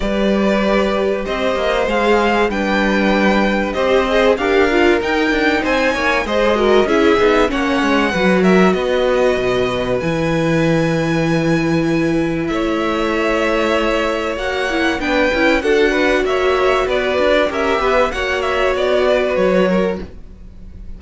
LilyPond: <<
  \new Staff \with { instrumentName = "violin" } { \time 4/4 \tempo 4 = 96 d''2 dis''4 f''4 | g''2 dis''4 f''4 | g''4 gis''4 dis''4 e''4 | fis''4. e''8 dis''2 |
gis''1 | e''2. fis''4 | g''4 fis''4 e''4 d''4 | e''4 fis''8 e''8 d''4 cis''4 | }
  \new Staff \with { instrumentName = "violin" } { \time 4/4 b'2 c''2 | b'2 c''4 ais'4~ | ais'4 c''8 cis''8 c''8 ais'8 gis'4 | cis''4 b'8 ais'8 b'2~ |
b'1 | cis''1 | b'4 a'8 b'8 cis''4 b'4 | ais'8 b'8 cis''4. b'4 ais'8 | }
  \new Staff \with { instrumentName = "viola" } { \time 4/4 g'2. gis'4 | d'2 g'8 gis'8 g'8 f'8 | dis'2 gis'8 fis'8 e'8 dis'8 | cis'4 fis'2. |
e'1~ | e'2. fis'8 e'8 | d'8 e'8 fis'2. | g'4 fis'2. | }
  \new Staff \with { instrumentName = "cello" } { \time 4/4 g2 c'8 ais8 gis4 | g2 c'4 d'4 | dis'8 d'8 c'8 ais8 gis4 cis'8 b8 | ais8 gis8 fis4 b4 b,4 |
e1 | a2. ais4 | b8 cis'8 d'4 ais4 b8 d'8 | cis'8 b8 ais4 b4 fis4 | }
>>